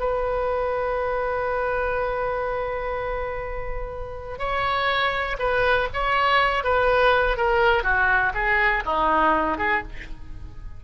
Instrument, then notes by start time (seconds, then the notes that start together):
oboe
0.00 B4
4.39 C#5
5.39 B4
5.94 C#5
6.64 B4
7.37 A#4
7.84 F#4
8.35 G#4
8.86 D#4
9.58 G#4